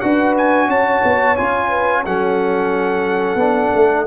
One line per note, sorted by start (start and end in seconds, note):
0.00 0.68 D4
0.00 1.36 F#4
0.00 0.67 B4
0.00 0.34 F#5
0.37 0.70 G#5
0.67 1.01 C#4
0.67 1.68 C#5
0.67 1.36 A5
1.04 1.37 B3
1.36 2.06 C#4
1.36 2.04 F4
1.36 2.04 G#5
1.69 2.02 B4
2.05 3.35 F#3
2.05 3.38 C#4
2.05 4.06 A4
2.05 4.06 F#5
3.35 3.69 B3
3.35 4.05 D4
3.74 4.06 A3